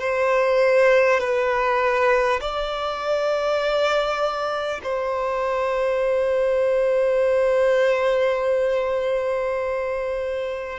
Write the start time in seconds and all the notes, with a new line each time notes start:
0.00 C5
1.21 B4
2.41 D5
4.83 C5